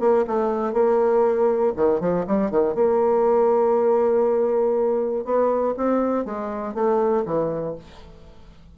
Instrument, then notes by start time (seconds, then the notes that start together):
bassoon
0.00 A#3
0.27 A3
0.73 A#3
1.76 D#3
2.00 F3
2.27 G3
2.50 D#3
2.75 A#3
5.25 B3
5.77 C4
6.25 G#3
6.74 A3
7.25 E3